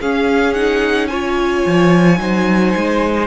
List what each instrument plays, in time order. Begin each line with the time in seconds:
0.00 cello C#4, viola C#4, violin G#4 F5
0.53 viola D#4, violin F#5
1.07 viola F4, violin C#5 G#5
1.65 cello F3
2.17 cello F#3, viola D#4, violin C5
2.75 cello G#3